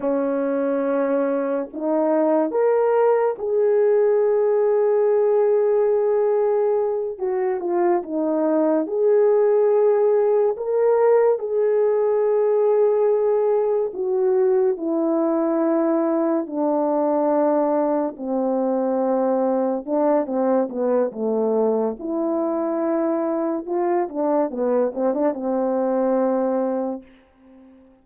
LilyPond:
\new Staff \with { instrumentName = "horn" } { \time 4/4 \tempo 4 = 71 cis'2 dis'4 ais'4 | gis'1~ | gis'8 fis'8 f'8 dis'4 gis'4.~ | gis'8 ais'4 gis'2~ gis'8~ |
gis'8 fis'4 e'2 d'8~ | d'4. c'2 d'8 | c'8 b8 a4 e'2 | f'8 d'8 b8 c'16 d'16 c'2 | }